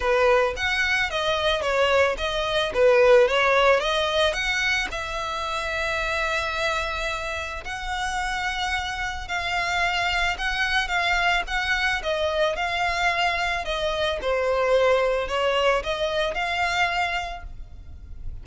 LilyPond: \new Staff \with { instrumentName = "violin" } { \time 4/4 \tempo 4 = 110 b'4 fis''4 dis''4 cis''4 | dis''4 b'4 cis''4 dis''4 | fis''4 e''2.~ | e''2 fis''2~ |
fis''4 f''2 fis''4 | f''4 fis''4 dis''4 f''4~ | f''4 dis''4 c''2 | cis''4 dis''4 f''2 | }